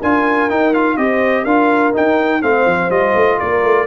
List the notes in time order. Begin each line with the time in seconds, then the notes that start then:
0.00 D4 F4 A#4 G#5
0.49 D#4 G5
0.74 F4 F5
0.97 C4 G4 C5 D#5
1.43 D4 F4 A#4 F5
1.93 D#4 G5
2.41 A3 C4 C5 F5
2.66 F3
2.90 G3 F4 D#5
3.15 A3
3.38 A#3 A#4 D5
3.63 A3